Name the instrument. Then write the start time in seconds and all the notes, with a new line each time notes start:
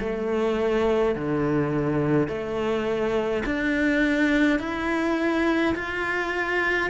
cello
0.00 A3
1.15 D3
2.28 A3
3.46 D4
4.59 E4
5.75 F4